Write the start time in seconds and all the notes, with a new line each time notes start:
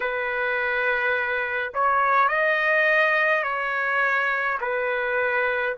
0.00 B4
1.74 C#5
2.28 D#5
3.43 C#5
4.60 B4